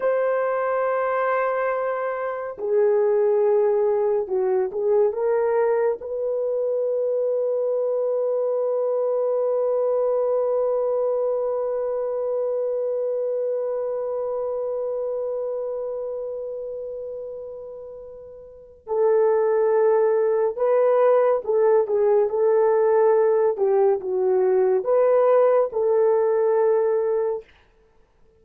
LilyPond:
\new Staff \with { instrumentName = "horn" } { \time 4/4 \tempo 4 = 70 c''2. gis'4~ | gis'4 fis'8 gis'8 ais'4 b'4~ | b'1~ | b'1~ |
b'1~ | b'2 a'2 | b'4 a'8 gis'8 a'4. g'8 | fis'4 b'4 a'2 | }